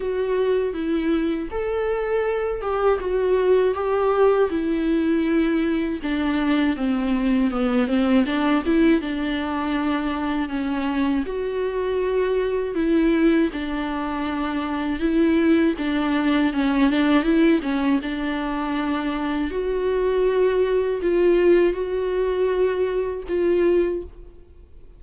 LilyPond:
\new Staff \with { instrumentName = "viola" } { \time 4/4 \tempo 4 = 80 fis'4 e'4 a'4. g'8 | fis'4 g'4 e'2 | d'4 c'4 b8 c'8 d'8 e'8 | d'2 cis'4 fis'4~ |
fis'4 e'4 d'2 | e'4 d'4 cis'8 d'8 e'8 cis'8 | d'2 fis'2 | f'4 fis'2 f'4 | }